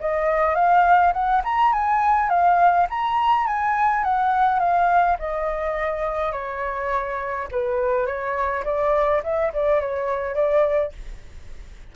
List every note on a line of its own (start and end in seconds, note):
0.00 0.55 D#5
0.55 1.12 F5
1.13 1.42 F#5
1.44 1.72 A#5
1.72 2.29 G#5
2.29 2.87 F5
2.89 3.46 A#5
3.46 4.03 G#5
4.03 4.59 F#5
4.59 5.17 F5
5.19 6.32 D#5
6.32 7.47 C#5
7.51 8.06 B4
8.06 8.63 C#5
8.64 9.22 D5
9.23 9.52 E5
9.53 9.80 D5
9.80 10.34 C#5
10.34 10.92 D5